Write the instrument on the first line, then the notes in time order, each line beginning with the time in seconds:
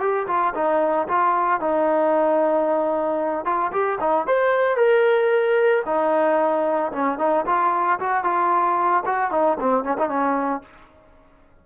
trombone
0.00 G4
0.27 F4
0.55 D#4
1.08 F4
1.60 D#4
3.45 F4
3.72 G4
4.00 D#4
4.27 C5
4.76 A#4
5.86 D#4
6.92 C#4
7.18 D#4
7.46 F4
8.00 F#4
8.24 F4
9.06 F#4
9.31 D#4
9.60 C4
9.84 C#4
9.98 D#4
10.09 C#4